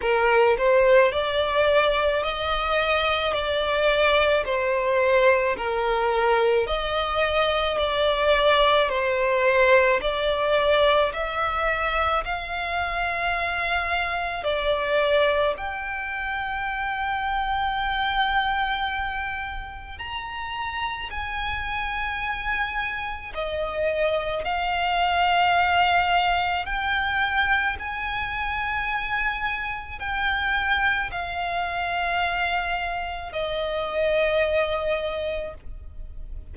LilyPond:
\new Staff \with { instrumentName = "violin" } { \time 4/4 \tempo 4 = 54 ais'8 c''8 d''4 dis''4 d''4 | c''4 ais'4 dis''4 d''4 | c''4 d''4 e''4 f''4~ | f''4 d''4 g''2~ |
g''2 ais''4 gis''4~ | gis''4 dis''4 f''2 | g''4 gis''2 g''4 | f''2 dis''2 | }